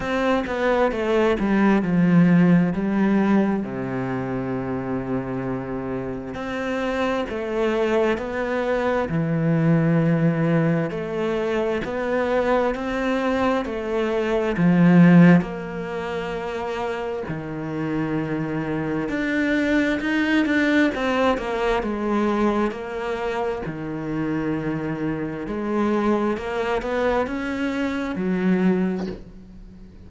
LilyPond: \new Staff \with { instrumentName = "cello" } { \time 4/4 \tempo 4 = 66 c'8 b8 a8 g8 f4 g4 | c2. c'4 | a4 b4 e2 | a4 b4 c'4 a4 |
f4 ais2 dis4~ | dis4 d'4 dis'8 d'8 c'8 ais8 | gis4 ais4 dis2 | gis4 ais8 b8 cis'4 fis4 | }